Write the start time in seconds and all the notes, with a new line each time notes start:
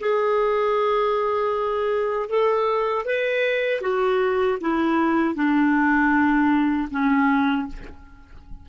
0.00 G#4
2.29 A4
3.05 B4
3.82 F#4
4.61 E4
5.35 D4
6.91 C#4